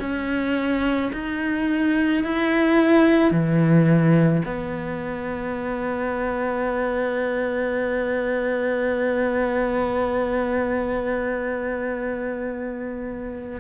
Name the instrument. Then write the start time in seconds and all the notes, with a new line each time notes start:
cello
0.00 C#4
1.13 D#4
2.24 E4
3.31 E3
4.45 B3